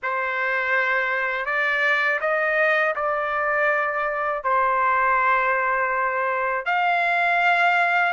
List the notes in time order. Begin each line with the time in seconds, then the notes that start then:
0.02 C5
1.45 D5
2.20 D#5
2.95 D5
4.43 C5
6.65 F5